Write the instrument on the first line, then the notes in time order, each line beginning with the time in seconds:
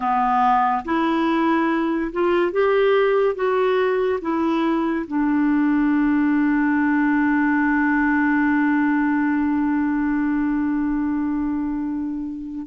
clarinet
0.00 B3
0.85 E4
2.12 F4
2.51 G4
3.35 F#4
4.21 E4
5.07 D4